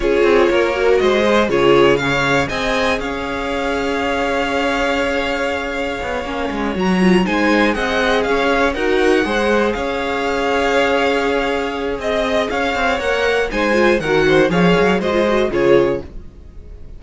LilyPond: <<
  \new Staff \with { instrumentName = "violin" } { \time 4/4 \tempo 4 = 120 cis''2 dis''4 cis''4 | f''4 gis''4 f''2~ | f''1~ | f''4. ais''4 gis''4 fis''8~ |
fis''8 f''4 fis''2 f''8~ | f''1 | dis''4 f''4 fis''4 gis''4 | fis''4 f''4 dis''4 cis''4 | }
  \new Staff \with { instrumentName = "violin" } { \time 4/4 gis'4 ais'4 c''4 gis'4 | cis''4 dis''4 cis''2~ | cis''1~ | cis''2~ cis''8 c''4 dis''8~ |
dis''8 cis''4 ais'4 c''4 cis''8~ | cis''1 | dis''4 cis''2 c''4 | ais'8 c''8 cis''4 c''4 gis'4 | }
  \new Staff \with { instrumentName = "viola" } { \time 4/4 f'4. fis'4 gis'8 f'4 | gis'1~ | gis'1~ | gis'8 cis'4 fis'8 f'8 dis'4 gis'8~ |
gis'4. fis'4 gis'4.~ | gis'1~ | gis'2 ais'4 dis'8 f'8 | fis'4 gis'4 fis'16 f'16 fis'8 f'4 | }
  \new Staff \with { instrumentName = "cello" } { \time 4/4 cis'8 c'8 ais4 gis4 cis4~ | cis4 c'4 cis'2~ | cis'1 | b8 ais8 gis8 fis4 gis4 c'8~ |
c'8 cis'4 dis'4 gis4 cis'8~ | cis'1 | c'4 cis'8 c'8 ais4 gis4 | dis4 f8 fis8 gis4 cis4 | }
>>